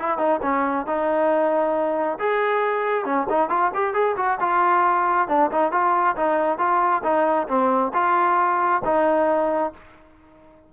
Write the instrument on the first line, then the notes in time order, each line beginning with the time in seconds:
trombone
0.00 E4
0.18 D#4
0.43 C#4
0.87 D#4
2.19 G#4
3.06 C#4
3.30 D#4
3.50 F4
3.75 G4
3.94 G#4
4.17 F#4
4.41 F4
5.29 D4
5.52 D#4
5.72 F4
6.17 D#4
6.59 F4
7.04 D#4
7.49 C4
7.94 F4
8.85 D#4